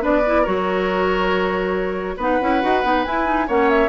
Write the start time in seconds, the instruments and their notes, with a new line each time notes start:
0.00 bassoon B3, clarinet D4, oboe B4, flute D5
0.26 clarinet E4
0.42 bassoon F#3, clarinet F#4, oboe A#4, flute C#5
2.17 bassoon B3, clarinet D#4, oboe B4, flute F#5
2.41 bassoon C#4, clarinet E4
2.62 bassoon D#4, clarinet F#4
2.84 bassoon B3, clarinet D#4
3.04 clarinet E4, bassoon E4, flute G#5
3.25 clarinet D#4
3.47 bassoon A#3, clarinet C#4, oboe C#5, flute F#5
3.70 flute E5